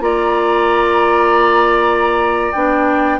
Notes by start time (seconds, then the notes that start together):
0.00 A#3 F4 D5 A#5
2.52 B3 D4 G5